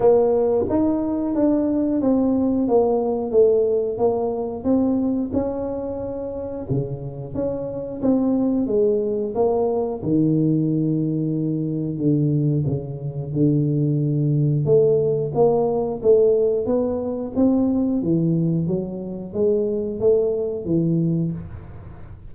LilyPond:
\new Staff \with { instrumentName = "tuba" } { \time 4/4 \tempo 4 = 90 ais4 dis'4 d'4 c'4 | ais4 a4 ais4 c'4 | cis'2 cis4 cis'4 | c'4 gis4 ais4 dis4~ |
dis2 d4 cis4 | d2 a4 ais4 | a4 b4 c'4 e4 | fis4 gis4 a4 e4 | }